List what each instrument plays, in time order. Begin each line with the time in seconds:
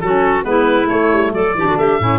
0.00 tuba F#3, saxophone C#4, clarinet F#4, oboe A4
0.43 tuba G#3, saxophone B3, clarinet E4, oboe B4
0.85 saxophone A3, tuba A3, oboe C#5
1.13 tuba G3
1.33 tuba F#3, clarinet A4, oboe D5
1.55 tuba E3, saxophone D4, clarinet G4
1.66 tuba D3, clarinet F#4
1.76 tuba A3, clarinet G4, oboe E5
1.99 tuba A2, saxophone C#4, clarinet E4